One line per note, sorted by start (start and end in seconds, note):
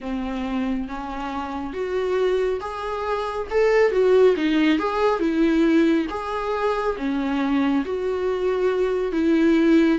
0.00 0.87 C4
0.87 1.73 C#4
1.73 2.60 F#4
2.60 3.47 G#4
3.50 3.91 A4
3.91 4.35 F#4
4.36 4.78 D#4
4.78 5.19 G#4
5.19 6.06 E4
6.09 6.96 G#4
6.97 7.84 C#4
7.85 9.11 F#4
9.11 9.98 E4